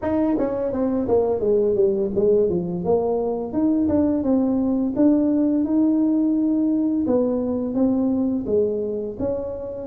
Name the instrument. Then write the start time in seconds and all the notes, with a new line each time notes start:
tuba
0.02 D#4
0.38 C#4
0.72 C4
1.07 A#3
1.39 G#3
1.75 G3
2.15 G#3
2.49 F3
2.84 A#3
3.52 D#4
3.88 D4
4.23 C4
4.96 D4
5.64 D#4
7.06 B3
7.74 C4
8.46 G#3
9.19 C#4